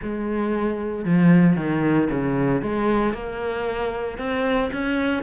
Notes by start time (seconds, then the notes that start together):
0.02 G#3
1.04 F3
1.56 D#3
2.10 C#3
2.61 G#3
3.13 A#3
4.18 C4
4.72 C#4